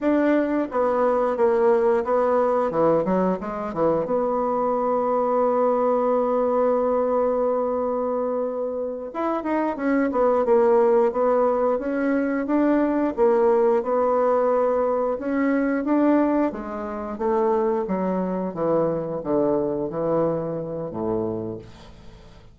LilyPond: \new Staff \with { instrumentName = "bassoon" } { \time 4/4 \tempo 4 = 89 d'4 b4 ais4 b4 | e8 fis8 gis8 e8 b2~ | b1~ | b4. e'8 dis'8 cis'8 b8 ais8~ |
ais8 b4 cis'4 d'4 ais8~ | ais8 b2 cis'4 d'8~ | d'8 gis4 a4 fis4 e8~ | e8 d4 e4. a,4 | }